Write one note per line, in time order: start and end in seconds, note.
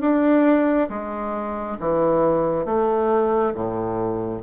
0.00 0.88 D4
0.89 1.77 G#3
1.79 2.65 E3
2.65 3.53 A3
3.54 4.42 A2